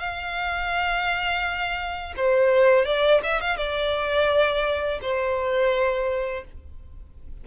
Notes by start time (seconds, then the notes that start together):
0.00 F5
2.17 C5
2.85 D5
3.24 E5
3.41 F5
3.57 D5
5.02 C5